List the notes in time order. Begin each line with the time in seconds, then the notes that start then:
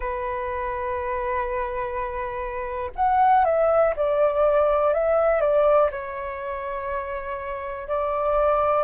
0.00 B4
2.95 F#5
3.44 E5
3.96 D5
4.93 E5
5.41 D5
5.91 C#5
7.87 D5